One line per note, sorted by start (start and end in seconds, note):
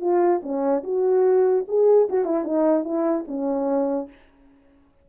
0.00 0.41 F4
0.42 0.83 C#4
0.83 1.64 F#4
1.67 2.08 G#4
2.09 2.24 F#4
2.24 2.44 E4
2.44 2.84 D#4
2.84 3.25 E4
3.27 4.08 C#4